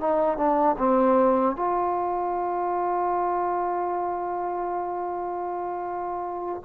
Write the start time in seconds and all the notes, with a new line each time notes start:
0.00 D#4
0.37 D4
0.78 C4
1.56 F4